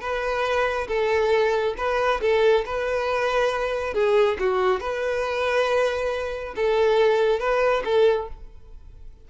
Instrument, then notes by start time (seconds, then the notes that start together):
violin
0.00 B4
0.87 A4
1.77 B4
2.21 A4
2.65 B4
3.93 G#4
4.39 F#4
4.80 B4
6.56 A4
7.39 B4
7.84 A4